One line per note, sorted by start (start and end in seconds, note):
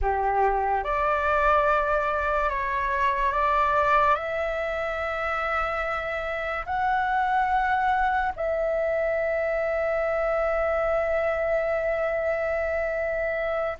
0.02 0.83 G4
0.83 2.49 D5
2.49 3.32 C#5
3.32 4.15 D5
4.15 6.65 E5
6.66 8.32 F#5
8.36 13.77 E5